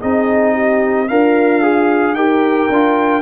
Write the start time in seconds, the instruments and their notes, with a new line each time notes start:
0.00 tuba C4, trombone D#4, horn G#4, trumpet D#5
0.54 horn G4
1.08 tuba D4, horn F4, trombone A#4, trumpet F5
1.63 trombone G#4
2.14 tuba D#4, trombone G4, horn A#4, trumpet G5
2.69 tuba D4, trombone F4